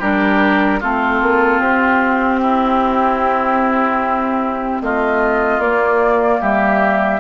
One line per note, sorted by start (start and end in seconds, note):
0.00 0.82 G3
0.00 0.82 D4
0.00 0.80 G4
0.00 0.81 A#4
0.80 1.22 A3
0.80 5.62 C4
0.80 2.40 F4
0.80 1.61 A4
1.22 1.60 A#3
1.60 4.80 C4
1.60 4.81 G4
2.42 4.82 E4
4.82 5.59 A3
4.82 6.41 F4
4.82 5.61 D#5
5.59 6.39 A#3
5.59 6.41 D5
5.65 7.21 A#3
6.41 7.21 G3
6.41 7.21 G4
6.41 7.21 E5